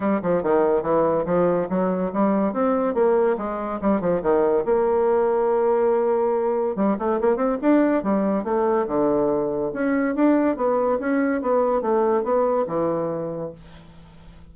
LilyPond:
\new Staff \with { instrumentName = "bassoon" } { \time 4/4 \tempo 4 = 142 g8 f8 dis4 e4 f4 | fis4 g4 c'4 ais4 | gis4 g8 f8 dis4 ais4~ | ais1 |
g8 a8 ais8 c'8 d'4 g4 | a4 d2 cis'4 | d'4 b4 cis'4 b4 | a4 b4 e2 | }